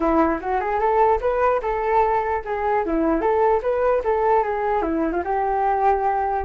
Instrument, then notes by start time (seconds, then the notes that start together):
flute
0.00 E4
0.40 F#4
0.60 G#4
0.79 A4
1.21 B4
1.62 A4
2.44 G#4
2.85 E4
3.21 A4
3.62 B4
4.04 A4
4.43 G#4
4.82 E4
5.12 F4
5.24 G4